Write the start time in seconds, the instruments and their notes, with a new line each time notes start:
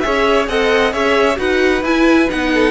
0.00 cello C#4, viola G#4, violin C#5 E5
0.48 cello C4, viola A4, violin D#5 F#5
0.92 cello C#4, viola G#4, violin C#5 E5
1.36 cello D#4, viola F#4, violin B4 F#5
1.83 cello E4, viola E4, violin G#5
2.29 cello B3, viola D#4, violin F#5
2.53 violin A4